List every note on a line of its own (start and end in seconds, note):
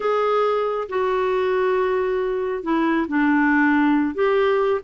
0.00 0.87 G#4
0.89 2.63 F#4
2.63 3.07 E4
3.08 4.14 D4
4.14 4.80 G4